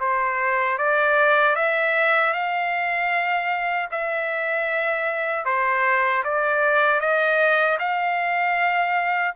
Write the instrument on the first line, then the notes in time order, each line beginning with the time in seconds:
trumpet
0.00 C5
0.78 D5
1.55 E5
2.33 F5
3.91 E5
5.45 C5
6.24 D5
7.00 D#5
7.79 F5